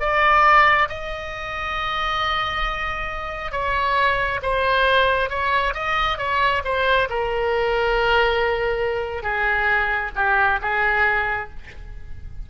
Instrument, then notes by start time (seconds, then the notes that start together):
oboe
0.00 D5
0.89 D#5
3.52 C#5
4.42 C5
5.29 C#5
5.74 D#5
6.18 C#5
6.64 C5
7.09 A#4
9.23 G#4
10.16 G4
10.62 G#4